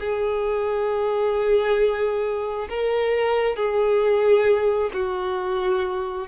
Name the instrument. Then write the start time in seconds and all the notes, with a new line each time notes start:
violin
0.00 G#4
2.69 A#4
3.57 G#4
4.94 F#4